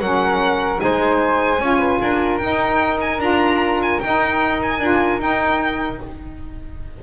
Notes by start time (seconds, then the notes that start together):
0.00 F#3 C#4 A#4 F#5
0.78 G#3 D#4 C5 G#5
1.59 C#4 F4 C#5
1.80 B4
2.02 D4 A#4
2.38 D#4 G5
3.01 G#5
3.19 D4 F4 A#5
3.83 G#5
4.01 D#4 G5
4.63 G#5
4.80 D4 F4
5.20 D#4 G5